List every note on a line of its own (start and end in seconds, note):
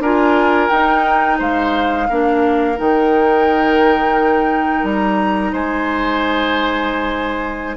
0.00 0.69 D4
0.00 0.71 F4
0.00 1.39 A#4
0.00 0.69 G#5
0.69 2.09 D#4
0.69 1.40 D#4
0.69 1.38 G5
1.39 2.09 G#3
1.39 2.07 C5
1.39 2.79 F5
2.09 2.79 A#3
2.09 2.76 D4
2.09 5.52 A#4
2.76 4.83 D#3
2.76 7.76 D#4
2.76 4.85 G5
4.83 5.52 G3
4.83 5.54 A#5
5.52 7.77 G#3
5.52 7.77 C5
5.52 7.77 G#5